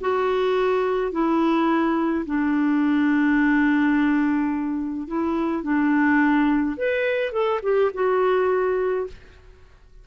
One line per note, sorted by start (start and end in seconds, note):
0.00 1.11 F#4
1.11 2.25 E4
2.25 5.07 D4
5.07 5.62 E4
5.62 6.76 D4
6.77 7.32 B4
7.32 7.60 A4
7.62 7.91 G4
7.93 9.07 F#4